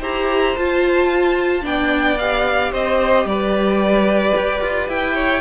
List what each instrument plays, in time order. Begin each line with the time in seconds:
0.00 cello E4, viola G4, violin C5 A#5
0.57 cello F4, viola F4, violin A5
1.62 cello B3, viola D4, violin D5 G5
2.18 viola G4, violin F5
2.72 cello C4, violin C5 D#5
3.25 cello G3, violin B4 D5
4.37 cello G4
4.61 cello F4
4.88 cello E4, violin G5
5.15 violin C#5